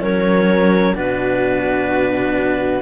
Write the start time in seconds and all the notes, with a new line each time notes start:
0.00 F#3 C#4 A#4 C#5
0.94 B2 D4 F#4 B4